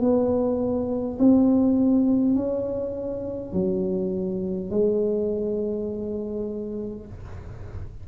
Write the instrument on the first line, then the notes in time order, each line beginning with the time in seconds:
tuba
0.00 B3
1.19 C4
2.35 C#4
3.53 F#3
4.71 G#3